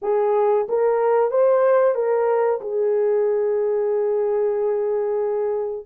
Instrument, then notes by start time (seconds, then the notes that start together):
horn
0.02 G#4
0.68 A#4
1.30 C5
1.94 A#4
2.61 G#4